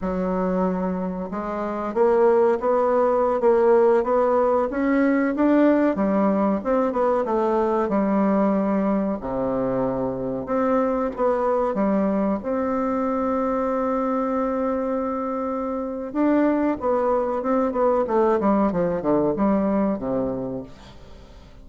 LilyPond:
\new Staff \with { instrumentName = "bassoon" } { \time 4/4 \tempo 4 = 93 fis2 gis4 ais4 | b4~ b16 ais4 b4 cis'8.~ | cis'16 d'4 g4 c'8 b8 a8.~ | a16 g2 c4.~ c16~ |
c16 c'4 b4 g4 c'8.~ | c'1~ | c'4 d'4 b4 c'8 b8 | a8 g8 f8 d8 g4 c4 | }